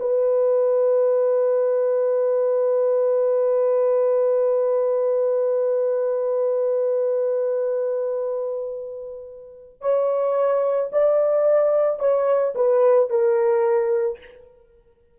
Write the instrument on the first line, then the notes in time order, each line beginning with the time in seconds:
horn
0.00 B4
9.81 C#5
10.93 D5
12.00 C#5
12.56 B4
13.10 A#4